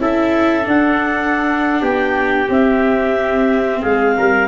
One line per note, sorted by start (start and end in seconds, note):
0.00 0.67 C#4
0.00 0.63 E4
0.00 1.82 A4
0.00 0.68 E5
0.63 2.47 D4
0.63 1.82 D4
0.63 1.84 F#5
1.82 2.49 B3
1.82 3.82 G4
1.82 2.50 G5
2.49 4.48 C4
2.49 3.83 C4
2.49 3.83 E5
3.82 4.18 G#3
3.82 4.16 G#4
3.82 4.48 F5
4.18 4.48 G3
4.18 4.48 A#4